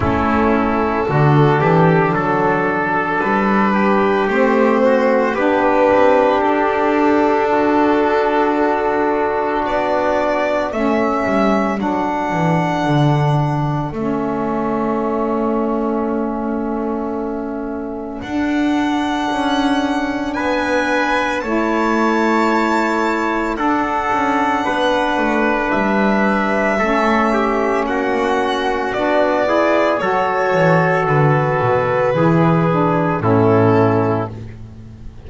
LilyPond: <<
  \new Staff \with { instrumentName = "violin" } { \time 4/4 \tempo 4 = 56 a'2. b'4 | c''4 b'4 a'2~ | a'4 d''4 e''4 fis''4~ | fis''4 e''2.~ |
e''4 fis''2 gis''4 | a''2 fis''2 | e''2 fis''4 d''4 | cis''4 b'2 a'4 | }
  \new Staff \with { instrumentName = "trumpet" } { \time 4/4 e'4 fis'8 g'8 a'4. g'8~ | g'8 fis'8 g'2 fis'4~ | fis'2 a'2~ | a'1~ |
a'2. b'4 | cis''2 a'4 b'4~ | b'4 a'8 g'8 fis'4. gis'8 | a'2 gis'4 e'4 | }
  \new Staff \with { instrumentName = "saxophone" } { \time 4/4 cis'4 d'2. | c'4 d'2.~ | d'2 cis'4 d'4~ | d'4 cis'2.~ |
cis'4 d'2. | e'2 d'2~ | d'4 cis'2 d'8 e'8 | fis'2 e'8 d'8 cis'4 | }
  \new Staff \with { instrumentName = "double bass" } { \time 4/4 a4 d8 e8 fis4 g4 | a4 b8 c'8 d'2~ | d'4 b4 a8 g8 fis8 e8 | d4 a2.~ |
a4 d'4 cis'4 b4 | a2 d'8 cis'8 b8 a8 | g4 a4 ais4 b4 | fis8 e8 d8 b,8 e4 a,4 | }
>>